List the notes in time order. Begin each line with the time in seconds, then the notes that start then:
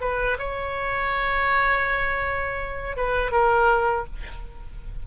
0.00 B4
0.38 C#5
2.96 B4
3.31 A#4